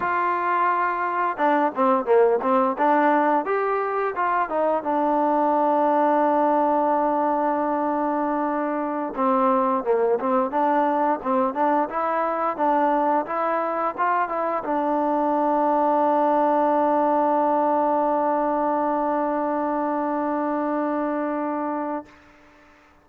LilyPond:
\new Staff \with { instrumentName = "trombone" } { \time 4/4 \tempo 4 = 87 f'2 d'8 c'8 ais8 c'8 | d'4 g'4 f'8 dis'8 d'4~ | d'1~ | d'4~ d'16 c'4 ais8 c'8 d'8.~ |
d'16 c'8 d'8 e'4 d'4 e'8.~ | e'16 f'8 e'8 d'2~ d'8.~ | d'1~ | d'1 | }